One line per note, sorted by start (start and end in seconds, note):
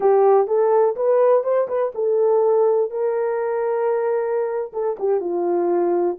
0.00 0.47 G4
0.47 0.95 A4
0.95 1.43 B4
1.43 1.67 C5
1.68 1.92 B4
1.95 2.90 A4
2.90 4.72 A#4
4.72 4.96 A4
4.99 5.20 G4
5.20 6.17 F4